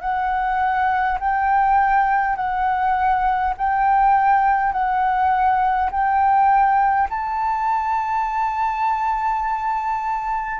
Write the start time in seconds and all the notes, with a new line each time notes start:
0.00 F#5
1.19 G5
2.35 F#5
3.57 G5
4.72 F#5
5.91 G5
7.09 A5